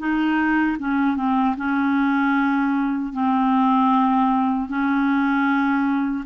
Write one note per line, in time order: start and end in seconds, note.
0.00 0.78 D#4
0.80 1.17 C#4
1.17 1.56 C4
1.58 3.13 C#4
3.13 4.69 C4
4.70 6.26 C#4